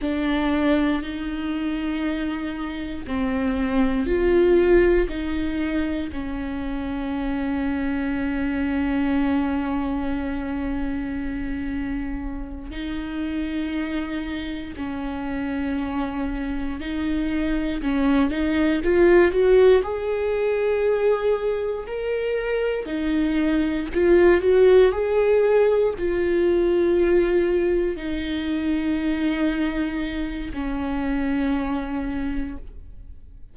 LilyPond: \new Staff \with { instrumentName = "viola" } { \time 4/4 \tempo 4 = 59 d'4 dis'2 c'4 | f'4 dis'4 cis'2~ | cis'1~ | cis'8 dis'2 cis'4.~ |
cis'8 dis'4 cis'8 dis'8 f'8 fis'8 gis'8~ | gis'4. ais'4 dis'4 f'8 | fis'8 gis'4 f'2 dis'8~ | dis'2 cis'2 | }